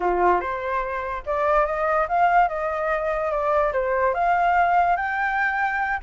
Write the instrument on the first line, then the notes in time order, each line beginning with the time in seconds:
flute
0.00 F4
0.40 C5
1.26 D5
1.66 D#5
2.08 F5
2.48 D#5
3.31 D5
3.72 C5
4.14 F5
4.96 G5